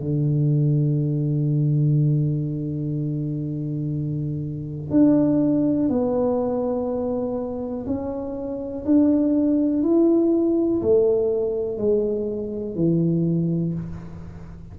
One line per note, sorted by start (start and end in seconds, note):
0.00 4.91 D3
4.91 5.89 D4
5.89 7.86 B3
7.86 8.85 C#4
8.85 9.83 D4
9.83 10.82 E4
10.82 11.78 A3
11.78 12.76 G#3
12.76 13.74 E3